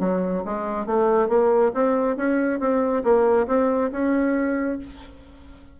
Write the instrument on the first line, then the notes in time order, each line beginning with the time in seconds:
bassoon
0.00 F#3
0.45 G#3
0.86 A3
1.28 A#3
1.74 C4
2.16 C#4
2.60 C4
3.04 A#3
3.47 C4
3.92 C#4